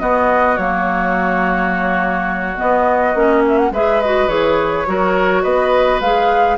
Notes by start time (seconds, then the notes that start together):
0.00 B3 F#4 D#5
0.57 F#3 A#3 C#5
2.56 B3 D#5
3.14 A#3 C#4
3.48 E5
3.58 F#5
3.71 G#3 G#4 B4 E5
4.01 F#4 D#5
4.28 E3 G#4 C#5
4.87 F#3 F#4 A#4
5.43 B3 B4 D#5
6.01 G#3 G#4 F5